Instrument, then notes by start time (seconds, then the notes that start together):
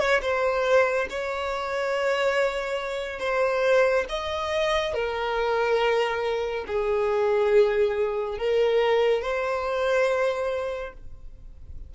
violin
0.00 C#5
0.22 C5
1.10 C#5
3.20 C5
4.09 D#5
4.94 A#4
6.68 G#4
8.38 A#4
9.22 C5